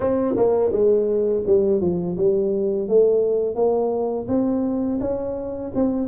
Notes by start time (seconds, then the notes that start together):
0.00 C4
0.35 A#3
0.71 G#3
1.46 G3
1.81 F3
2.17 G3
2.88 A3
3.55 A#3
4.28 C4
5.00 C#4
5.75 C4